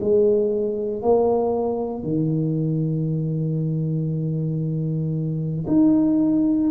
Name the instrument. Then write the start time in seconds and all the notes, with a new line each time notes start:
tuba
0.00 G#3
1.02 A#3
2.03 D#3
5.67 D#4